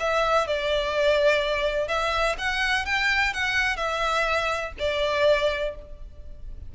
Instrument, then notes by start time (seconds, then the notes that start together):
violin
0.00 E5
0.47 D5
1.88 E5
2.38 F#5
2.85 G5
3.33 F#5
3.77 E5
4.79 D5